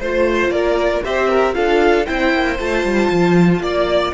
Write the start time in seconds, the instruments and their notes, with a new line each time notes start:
0.00 cello A3, viola F4, violin C5
0.49 cello A#3, violin A#4 D5
1.04 cello C4, viola G4, violin C5 E5
1.29 violin A#4
1.54 cello D4, viola F4, violin A4 F5
2.06 cello C4, viola E4, violin C5 G5
2.34 cello A#3
2.59 cello A3, viola F4, violin A5
2.83 cello G3
3.10 cello F3
3.60 cello A#3, violin D5